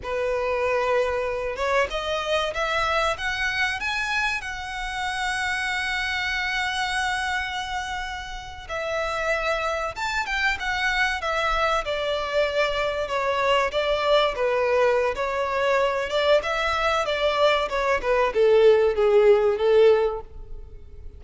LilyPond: \new Staff \with { instrumentName = "violin" } { \time 4/4 \tempo 4 = 95 b'2~ b'8 cis''8 dis''4 | e''4 fis''4 gis''4 fis''4~ | fis''1~ | fis''4.~ fis''16 e''2 a''16~ |
a''16 g''8 fis''4 e''4 d''4~ d''16~ | d''8. cis''4 d''4 b'4~ b'16 | cis''4. d''8 e''4 d''4 | cis''8 b'8 a'4 gis'4 a'4 | }